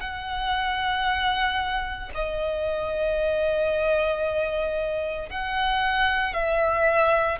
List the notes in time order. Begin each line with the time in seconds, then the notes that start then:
0.00 F#5
2.14 D#5
5.29 F#5
6.33 E5